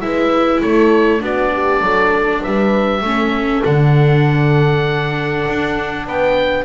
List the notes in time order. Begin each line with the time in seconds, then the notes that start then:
0.00 G#3 E4 B4 E5
0.61 A3 A4 C#5
1.19 B3 D4 F#4 D5
1.53 G4
1.81 F#3 A4
2.41 G3 B4 E5
3.01 A3 C#4
3.07 A4
3.63 D3 D4 F#5
5.47 D4
6.05 B3 B4 G5